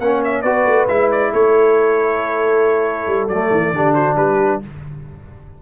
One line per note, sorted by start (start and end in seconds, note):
0.00 0.43 A#3
0.00 0.45 C#4
0.00 0.43 C#5
0.00 0.22 F#5
0.24 0.42 E5
0.42 0.65 B3
0.42 0.88 F#4
0.42 1.30 B4
0.42 0.86 D5
0.66 0.88 A3
0.88 1.32 G#3
0.88 3.29 E4
0.88 1.10 E5
1.11 1.33 D5
1.33 3.07 A3
1.33 3.73 A4
1.33 3.28 C#5
3.07 3.28 G3
3.28 3.50 F#3
3.28 3.75 A3
3.28 3.94 D5
3.51 3.73 E3
3.73 4.16 D3
3.73 4.62 D4
3.73 3.94 G4
3.94 4.16 F#4
3.94 4.16 C5
4.16 4.60 G3
4.16 4.60 G4
4.16 4.61 B4